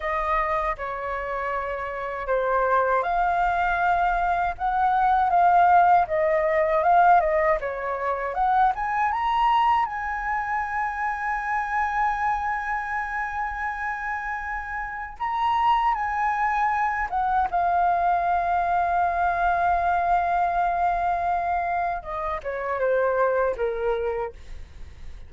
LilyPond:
\new Staff \with { instrumentName = "flute" } { \time 4/4 \tempo 4 = 79 dis''4 cis''2 c''4 | f''2 fis''4 f''4 | dis''4 f''8 dis''8 cis''4 fis''8 gis''8 | ais''4 gis''2.~ |
gis''1 | ais''4 gis''4. fis''8 f''4~ | f''1~ | f''4 dis''8 cis''8 c''4 ais'4 | }